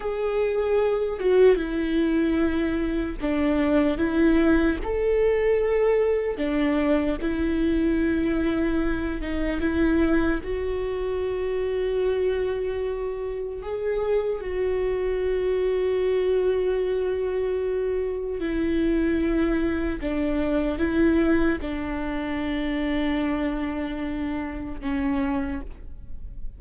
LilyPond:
\new Staff \with { instrumentName = "viola" } { \time 4/4 \tempo 4 = 75 gis'4. fis'8 e'2 | d'4 e'4 a'2 | d'4 e'2~ e'8 dis'8 | e'4 fis'2.~ |
fis'4 gis'4 fis'2~ | fis'2. e'4~ | e'4 d'4 e'4 d'4~ | d'2. cis'4 | }